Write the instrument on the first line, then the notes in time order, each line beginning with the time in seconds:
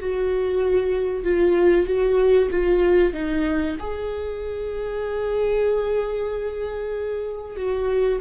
viola
0.00 F#4
1.24 F4
1.87 F#4
2.51 F4
3.13 D#4
3.79 G#4
7.56 F#4